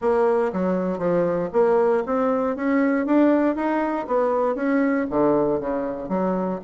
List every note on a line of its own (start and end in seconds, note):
0.01 0.52 A#3
0.52 0.98 F#3
0.98 1.49 F3
1.53 2.03 A#3
2.05 2.56 C4
2.56 3.06 C#4
3.06 3.55 D4
3.55 4.06 D#4
4.07 4.55 B3
4.55 5.06 C#4
5.10 5.60 D3
5.60 6.08 C#3
6.08 6.59 F#3